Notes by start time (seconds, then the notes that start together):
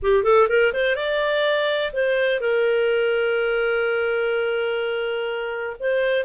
0.02 G4
0.23 A4
0.48 A#4
0.73 C5
0.95 D5
1.92 C5
2.40 A#4
5.79 C5